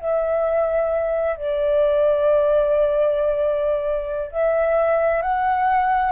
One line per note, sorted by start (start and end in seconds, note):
0.00 1.36 E5
1.36 4.32 D5
4.32 5.22 E5
5.22 6.12 F#5